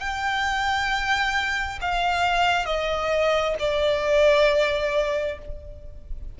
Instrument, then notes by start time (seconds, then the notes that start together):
violin
0.00 G5
1.81 F5
2.65 D#5
3.59 D5